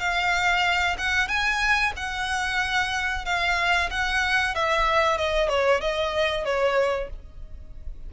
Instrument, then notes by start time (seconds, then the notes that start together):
violin
0.00 F5
0.98 F#5
1.28 G#5
1.96 F#5
3.26 F5
3.91 F#5
4.55 E5
5.18 D#5
5.49 C#5
5.81 D#5
6.45 C#5